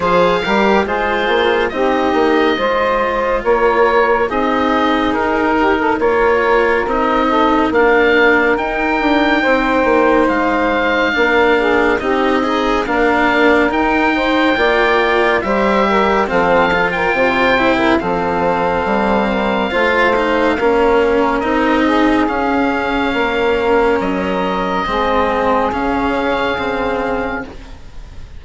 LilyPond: <<
  \new Staff \with { instrumentName = "oboe" } { \time 4/4 \tempo 4 = 70 f''4 c''4 dis''2 | cis''4 dis''4 ais'4 cis''4 | dis''4 f''4 g''2 | f''2 dis''4 f''4 |
g''2 e''4 f''8. g''16~ | g''4 f''2.~ | f''4 dis''4 f''2 | dis''2 f''2 | }
  \new Staff \with { instrumentName = "saxophone" } { \time 4/4 c''8 ais'8 gis'4 g'4 c''4 | ais'4 gis'4. g'16 a'16 ais'4~ | ais'8 a'8 ais'2 c''4~ | c''4 ais'8 gis'8 g'8 dis'8 ais'4~ |
ais'8 c''8 d''4 c''8 ais'8 a'8. ais'16 | c''8. ais'16 a'4. ais'8 c''4 | ais'4. gis'4. ais'4~ | ais'4 gis'2. | }
  \new Staff \with { instrumentName = "cello" } { \time 4/4 gis'8 g'8 f'4 dis'4 f'4~ | f'4 dis'2 f'4 | dis'4 d'4 dis'2~ | dis'4 d'4 dis'8 gis'8 d'4 |
dis'4 f'4 g'4 c'8 f'8~ | f'8 e'8 c'2 f'8 dis'8 | cis'4 dis'4 cis'2~ | cis'4 c'4 cis'4 c'4 | }
  \new Staff \with { instrumentName = "bassoon" } { \time 4/4 f8 g8 gis8 ais8 c'8 ais8 gis4 | ais4 c'4 dis'4 ais4 | c'4 ais4 dis'8 d'8 c'8 ais8 | gis4 ais4 c'4 ais4 |
dis'4 ais4 g4 f4 | c4 f4 g4 a4 | ais4 c'4 cis'4 ais4 | fis4 gis4 cis2 | }
>>